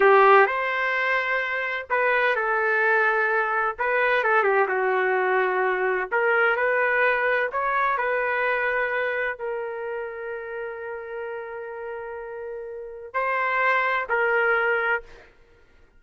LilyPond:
\new Staff \with { instrumentName = "trumpet" } { \time 4/4 \tempo 4 = 128 g'4 c''2. | b'4 a'2. | b'4 a'8 g'8 fis'2~ | fis'4 ais'4 b'2 |
cis''4 b'2. | ais'1~ | ais'1 | c''2 ais'2 | }